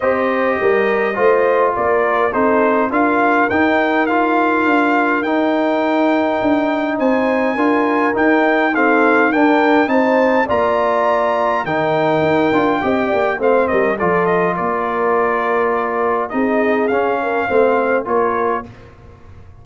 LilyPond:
<<
  \new Staff \with { instrumentName = "trumpet" } { \time 4/4 \tempo 4 = 103 dis''2. d''4 | c''4 f''4 g''4 f''4~ | f''4 g''2. | gis''2 g''4 f''4 |
g''4 a''4 ais''2 | g''2. f''8 dis''8 | d''8 dis''8 d''2. | dis''4 f''2 cis''4 | }
  \new Staff \with { instrumentName = "horn" } { \time 4/4 c''4 ais'4 c''4 ais'4 | a'4 ais'2.~ | ais'1 | c''4 ais'2 a'4 |
ais'4 c''4 d''2 | ais'2 dis''8 d''8 c''8 ais'8 | a'4 ais'2. | gis'4. ais'8 c''4 ais'4 | }
  \new Staff \with { instrumentName = "trombone" } { \time 4/4 g'2 f'2 | dis'4 f'4 dis'4 f'4~ | f'4 dis'2.~ | dis'4 f'4 dis'4 c'4 |
d'4 dis'4 f'2 | dis'4. f'8 g'4 c'4 | f'1 | dis'4 cis'4 c'4 f'4 | }
  \new Staff \with { instrumentName = "tuba" } { \time 4/4 c'4 g4 a4 ais4 | c'4 d'4 dis'2 | d'4 dis'2 d'4 | c'4 d'4 dis'2 |
d'4 c'4 ais2 | dis4 dis'8 d'8 c'8 ais8 a8 g8 | f4 ais2. | c'4 cis'4 a4 ais4 | }
>>